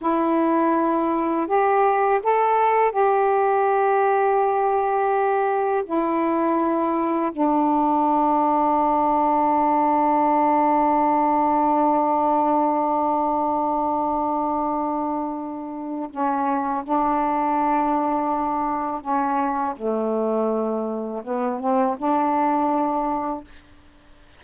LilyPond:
\new Staff \with { instrumentName = "saxophone" } { \time 4/4 \tempo 4 = 82 e'2 g'4 a'4 | g'1 | e'2 d'2~ | d'1~ |
d'1~ | d'2 cis'4 d'4~ | d'2 cis'4 a4~ | a4 b8 c'8 d'2 | }